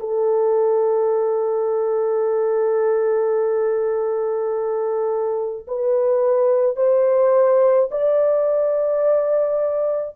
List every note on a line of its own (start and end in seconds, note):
0.00 5.66 A4
5.68 6.76 B4
6.76 7.89 C5
7.91 10.16 D5